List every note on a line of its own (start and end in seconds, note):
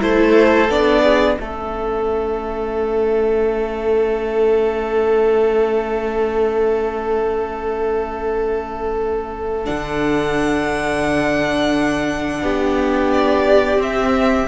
0.00 0.69 A3
0.00 0.69 E4
0.00 1.03 A4
0.00 0.71 C5
0.69 1.38 B3
0.69 1.39 D4
0.69 1.38 D5
1.03 1.37 G#4
1.38 9.68 A3
1.38 9.65 C#4
1.38 12.43 A4
1.38 9.66 E5
9.65 12.42 D3
9.65 13.79 D4
9.65 13.11 F#5
12.42 13.78 B3
12.42 14.48 G4
13.12 13.81 D5
13.78 14.47 C4
13.78 14.48 C4
13.78 14.48 E5